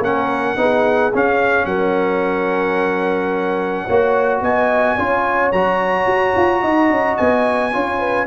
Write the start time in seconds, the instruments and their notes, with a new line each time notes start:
0.00 tuba A#3, trombone C#4, horn A#4, trumpet F#5
0.57 tuba B3, trombone D#4, horn G#4
1.14 trombone C#4, tuba C#4, trumpet F5
1.66 tuba F#3, horn A#4, trumpet F#5
3.87 tuba A#3, trombone F#4, horn C#5
4.42 tuba B3, horn D#5, trumpet G#5
4.97 tuba C#4, trombone F4, horn C#5
5.52 tuba F#3, trombone F#4, trumpet A#5
6.07 tuba F#4
6.37 tuba F4
6.62 tuba D#4, horn D#5
6.90 tuba C#4
7.18 tuba B3, trumpet G#5
7.73 tuba C#4, trombone F4, horn C#5
7.99 horn B4